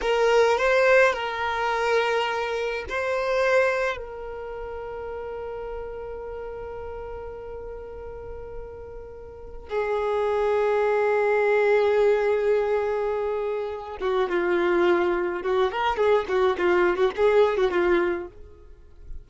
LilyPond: \new Staff \with { instrumentName = "violin" } { \time 4/4 \tempo 4 = 105 ais'4 c''4 ais'2~ | ais'4 c''2 ais'4~ | ais'1~ | ais'1~ |
ais'4 gis'2.~ | gis'1~ | gis'8 fis'8 f'2 fis'8 ais'8 | gis'8 fis'8 f'8. fis'16 gis'8. fis'16 f'4 | }